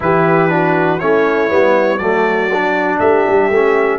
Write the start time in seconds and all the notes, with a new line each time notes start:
0.00 E3 E4 G4 B4
0.48 D4 F#4
0.99 A3 C#4 E4 C#5
1.49 G3 B3
1.97 F#3 A3 F#4 D5
2.52 D4
2.99 A3 G4 E5
3.27 G3
3.50 A3 C#4